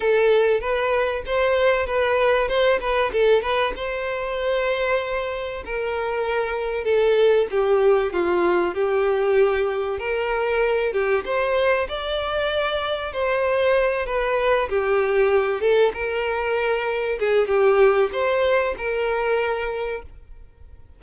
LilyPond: \new Staff \with { instrumentName = "violin" } { \time 4/4 \tempo 4 = 96 a'4 b'4 c''4 b'4 | c''8 b'8 a'8 b'8 c''2~ | c''4 ais'2 a'4 | g'4 f'4 g'2 |
ais'4. g'8 c''4 d''4~ | d''4 c''4. b'4 g'8~ | g'4 a'8 ais'2 gis'8 | g'4 c''4 ais'2 | }